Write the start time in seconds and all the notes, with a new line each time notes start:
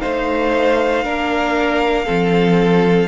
0.00 A3 D#4 C5 F5
1.04 A#3 D4 A#4
2.05 F3 C4 A4